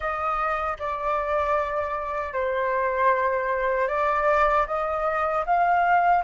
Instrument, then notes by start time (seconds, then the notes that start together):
flute
0.00 D#5
0.79 D5
2.33 C5
3.87 D5
4.66 D#5
5.45 F5